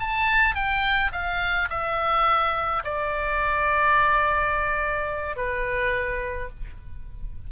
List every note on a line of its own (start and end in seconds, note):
0.00 0.55 A5
0.55 1.12 G5
1.12 1.69 F5
1.70 2.83 E5
2.84 5.36 D5
5.36 6.50 B4